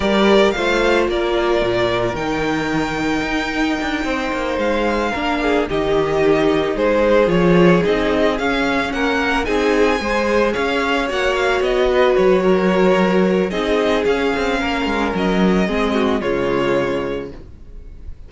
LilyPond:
<<
  \new Staff \with { instrumentName = "violin" } { \time 4/4 \tempo 4 = 111 d''4 f''4 d''2 | g''1~ | g''8 f''2 dis''4.~ | dis''8 c''4 cis''4 dis''4 f''8~ |
f''8 fis''4 gis''2 f''8~ | f''8 fis''8 f''8 dis''4 cis''4.~ | cis''4 dis''4 f''2 | dis''2 cis''2 | }
  \new Staff \with { instrumentName = "violin" } { \time 4/4 ais'4 c''4 ais'2~ | ais'2.~ ais'8 c''8~ | c''4. ais'8 gis'8 g'4.~ | g'8 gis'2.~ gis'8~ |
gis'8 ais'4 gis'4 c''4 cis''8~ | cis''2 b'4 ais'4~ | ais'4 gis'2 ais'4~ | ais'4 gis'8 fis'8 f'2 | }
  \new Staff \with { instrumentName = "viola" } { \time 4/4 g'4 f'2. | dis'1~ | dis'4. d'4 dis'4.~ | dis'4. f'4 dis'4 cis'8~ |
cis'4. dis'4 gis'4.~ | gis'8 fis'2.~ fis'8~ | fis'4 dis'4 cis'2~ | cis'4 c'4 gis2 | }
  \new Staff \with { instrumentName = "cello" } { \time 4/4 g4 a4 ais4 ais,4 | dis2 dis'4 d'8 c'8 | ais8 gis4 ais4 dis4.~ | dis8 gis4 f4 c'4 cis'8~ |
cis'8 ais4 c'4 gis4 cis'8~ | cis'8 ais4 b4 fis4.~ | fis4 c'4 cis'8 c'8 ais8 gis8 | fis4 gis4 cis2 | }
>>